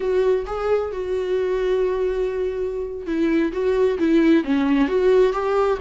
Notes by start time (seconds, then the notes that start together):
0.00 F#4
0.46 G#4
0.92 F#4
3.06 E4
3.52 F#4
3.99 E4
4.44 C#4
4.87 F#4
5.32 G4